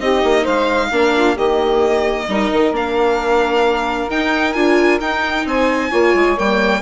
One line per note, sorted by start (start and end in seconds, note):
0.00 0.23 C4
0.00 0.91 D#4
0.00 0.43 G4
0.00 0.46 D#5
0.24 0.46 A#3
0.43 0.91 G#3
0.43 0.88 C5
0.43 1.37 F5
0.91 1.37 A#3
0.91 1.37 D4
0.91 1.14 A#4
1.14 1.34 F4
1.34 2.28 D#3
1.34 2.28 A#3
1.34 2.25 G4
1.34 2.75 D#5
2.28 2.51 G3
2.28 2.73 D#4
2.28 5.46 A#4
2.52 2.71 D#3
2.71 4.08 A#3
2.71 4.09 D4
2.71 4.10 F5
4.10 4.55 D#4
4.10 4.53 G5
4.53 5.01 D4
4.53 5.00 F4
4.53 4.98 G#5
5.01 5.91 D#4
5.01 5.45 D#4
5.01 5.46 G5
5.45 5.91 C4
5.45 5.90 C5
5.45 6.39 G#5
5.90 6.14 A#3
5.90 6.37 F4
5.90 6.80 C#5
6.14 6.37 G#3
6.37 6.82 G3
6.37 6.82 A#3
6.37 6.82 G5